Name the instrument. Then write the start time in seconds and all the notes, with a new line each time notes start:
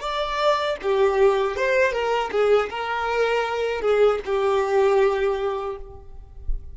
violin
0.00 D5
0.82 G4
1.56 C5
1.92 A#4
2.31 G#4
2.70 A#4
3.81 G#4
4.25 G4